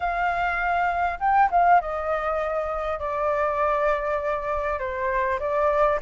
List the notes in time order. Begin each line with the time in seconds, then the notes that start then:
0.00 F5
1.19 G5
1.51 F5
1.80 D#5
2.99 D5
4.79 C5
5.39 D5